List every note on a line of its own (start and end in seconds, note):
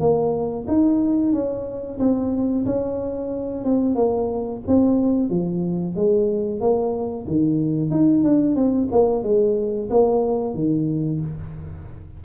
0.00 0.66 A#3
0.68 1.33 D#4
1.33 1.99 C#4
1.99 2.65 C4
2.66 3.64 C#4
3.65 3.95 C4
3.95 4.61 A#3
4.67 5.30 C4
5.30 5.96 F3
5.96 6.61 G#3
6.61 7.26 A#3
7.27 7.91 D#3
7.91 8.24 D#4
8.24 8.56 D4
8.56 8.89 C4
8.92 9.23 A#3
9.23 9.89 G#3
9.90 10.54 A#3
10.54 11.20 D#3